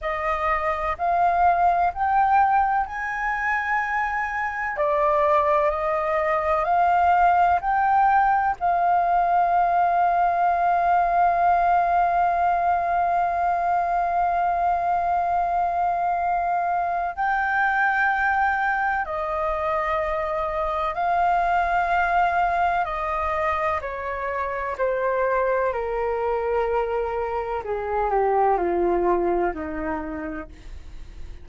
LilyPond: \new Staff \with { instrumentName = "flute" } { \time 4/4 \tempo 4 = 63 dis''4 f''4 g''4 gis''4~ | gis''4 d''4 dis''4 f''4 | g''4 f''2.~ | f''1~ |
f''2 g''2 | dis''2 f''2 | dis''4 cis''4 c''4 ais'4~ | ais'4 gis'8 g'8 f'4 dis'4 | }